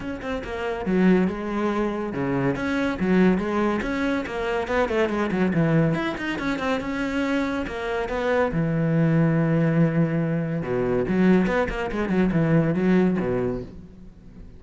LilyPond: \new Staff \with { instrumentName = "cello" } { \time 4/4 \tempo 4 = 141 cis'8 c'8 ais4 fis4 gis4~ | gis4 cis4 cis'4 fis4 | gis4 cis'4 ais4 b8 a8 | gis8 fis8 e4 e'8 dis'8 cis'8 c'8 |
cis'2 ais4 b4 | e1~ | e4 b,4 fis4 b8 ais8 | gis8 fis8 e4 fis4 b,4 | }